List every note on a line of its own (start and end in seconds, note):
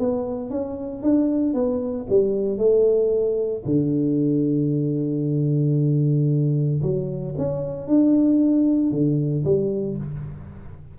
0.00 0.51 B3
0.51 1.03 C#4
1.03 1.54 D4
1.54 2.07 B3
2.10 2.58 G3
2.58 3.64 A3
3.66 6.82 D3
6.83 7.35 F#3
7.38 7.88 C#4
7.88 8.92 D4
8.92 9.44 D3
9.45 9.98 G3